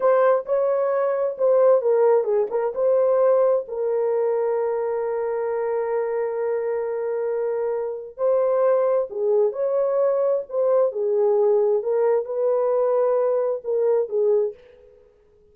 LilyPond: \new Staff \with { instrumentName = "horn" } { \time 4/4 \tempo 4 = 132 c''4 cis''2 c''4 | ais'4 gis'8 ais'8 c''2 | ais'1~ | ais'1~ |
ais'2 c''2 | gis'4 cis''2 c''4 | gis'2 ais'4 b'4~ | b'2 ais'4 gis'4 | }